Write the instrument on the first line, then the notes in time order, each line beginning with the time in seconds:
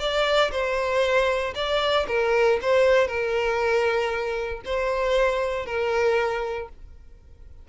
violin
0.00 D5
0.52 C5
1.55 D5
2.08 A#4
2.62 C5
3.08 A#4
4.65 C5
5.66 A#4